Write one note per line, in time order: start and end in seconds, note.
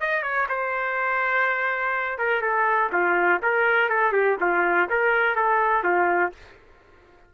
0.00 0.22 D#5
0.22 0.47 C#5
0.48 2.18 C5
2.18 2.41 A#4
2.41 2.90 A4
2.92 3.41 F4
3.42 3.89 A#4
3.89 4.12 A4
4.12 4.37 G4
4.40 4.89 F4
4.89 5.35 A#4
5.35 5.83 A4
5.83 6.32 F4